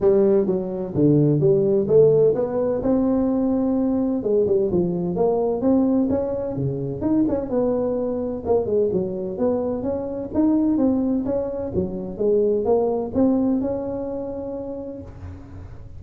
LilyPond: \new Staff \with { instrumentName = "tuba" } { \time 4/4 \tempo 4 = 128 g4 fis4 d4 g4 | a4 b4 c'2~ | c'4 gis8 g8 f4 ais4 | c'4 cis'4 cis4 dis'8 cis'8 |
b2 ais8 gis8 fis4 | b4 cis'4 dis'4 c'4 | cis'4 fis4 gis4 ais4 | c'4 cis'2. | }